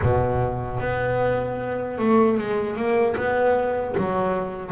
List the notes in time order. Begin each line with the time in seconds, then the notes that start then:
0.02 B2
0.80 B3
1.98 A3
2.38 G#3
2.76 A#3
3.16 B3
3.97 F#3